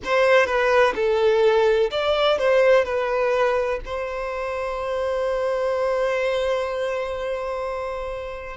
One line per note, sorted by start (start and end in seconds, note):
0.04 0.45 C5
0.45 0.93 B4
0.95 1.90 A4
1.90 2.38 D5
2.38 2.84 C5
2.84 3.80 B4
3.85 8.56 C5